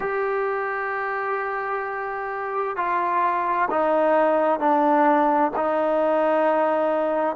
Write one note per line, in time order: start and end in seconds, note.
0.00 2.76 G4
2.76 3.68 F4
3.70 4.59 D#4
4.59 5.51 D4
5.56 7.36 D#4